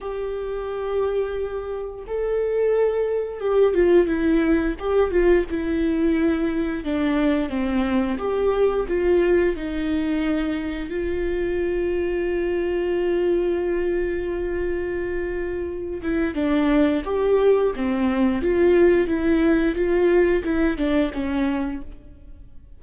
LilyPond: \new Staff \with { instrumentName = "viola" } { \time 4/4 \tempo 4 = 88 g'2. a'4~ | a'4 g'8 f'8 e'4 g'8 f'8 | e'2 d'4 c'4 | g'4 f'4 dis'2 |
f'1~ | f'2.~ f'8 e'8 | d'4 g'4 c'4 f'4 | e'4 f'4 e'8 d'8 cis'4 | }